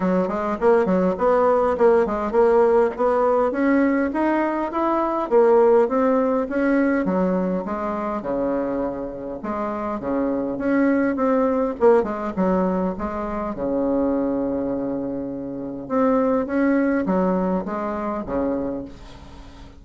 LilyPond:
\new Staff \with { instrumentName = "bassoon" } { \time 4/4 \tempo 4 = 102 fis8 gis8 ais8 fis8 b4 ais8 gis8 | ais4 b4 cis'4 dis'4 | e'4 ais4 c'4 cis'4 | fis4 gis4 cis2 |
gis4 cis4 cis'4 c'4 | ais8 gis8 fis4 gis4 cis4~ | cis2. c'4 | cis'4 fis4 gis4 cis4 | }